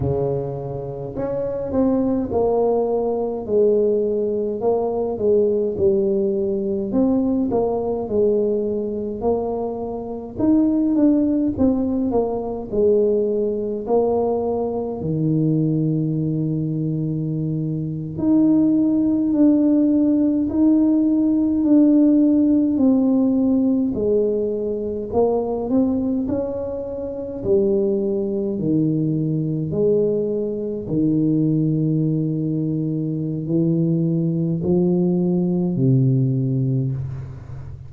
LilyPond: \new Staff \with { instrumentName = "tuba" } { \time 4/4 \tempo 4 = 52 cis4 cis'8 c'8 ais4 gis4 | ais8 gis8 g4 c'8 ais8 gis4 | ais4 dis'8 d'8 c'8 ais8 gis4 | ais4 dis2~ dis8. dis'16~ |
dis'8. d'4 dis'4 d'4 c'16~ | c'8. gis4 ais8 c'8 cis'4 g16~ | g8. dis4 gis4 dis4~ dis16~ | dis4 e4 f4 c4 | }